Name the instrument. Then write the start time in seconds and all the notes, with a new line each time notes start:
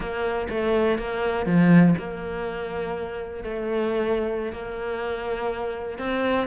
cello
0.00 A#3
0.49 A3
0.98 A#3
1.45 F3
1.98 A#3
3.43 A3
4.52 A#3
5.98 C4